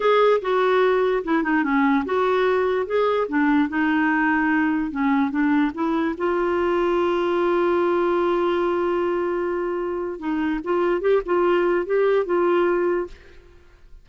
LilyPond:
\new Staff \with { instrumentName = "clarinet" } { \time 4/4 \tempo 4 = 147 gis'4 fis'2 e'8 dis'8 | cis'4 fis'2 gis'4 | d'4 dis'2. | cis'4 d'4 e'4 f'4~ |
f'1~ | f'1~ | f'4 dis'4 f'4 g'8 f'8~ | f'4 g'4 f'2 | }